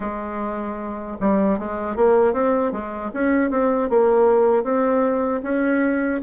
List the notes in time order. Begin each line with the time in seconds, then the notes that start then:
0.00 G#3
1.20 G3
1.58 G#3
1.96 A#3
2.33 C4
2.72 G#3
3.13 C#4
3.50 C4
3.89 A#3
4.63 C4
5.42 C#4